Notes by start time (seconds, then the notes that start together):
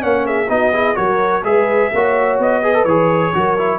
0.00 A#3 C#4 C#5 F#5
0.26 G#4 E5
0.49 B3 D#4 F#4 D#5
0.74 E4 G#4
0.95 F#3 F#4 A#4 C#5
1.44 G#3 G#4 B4 E5
1.93 A#3 F#4 C#5
2.39 B3 D#5
2.61 G#4 B4
2.74 A4
2.85 E3 G#4 C#5
3.34 F#3 F#4 A#4
3.58 E4